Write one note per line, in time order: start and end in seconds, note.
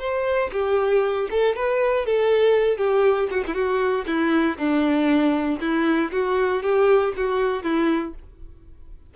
0.00 0.51 C5
0.53 1.29 G4
1.31 1.56 A4
1.56 2.06 B4
2.06 2.78 A4
2.78 3.29 G4
3.31 3.44 F#4
3.47 3.55 E4
3.55 4.05 F#4
4.07 4.58 E4
4.58 5.60 D4
5.61 6.12 E4
6.12 6.63 F#4
6.63 7.14 G4
7.17 7.64 F#4
7.64 8.14 E4